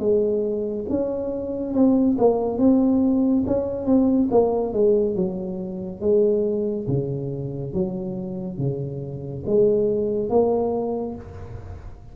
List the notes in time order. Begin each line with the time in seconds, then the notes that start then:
0.00 G#3
0.90 C#4
1.74 C4
2.19 A#3
2.59 C4
3.47 C#4
3.86 C4
4.31 A#3
4.73 G#3
5.16 F#3
6.01 G#3
6.88 C#3
7.74 F#3
8.58 C#3
9.46 G#3
10.30 A#3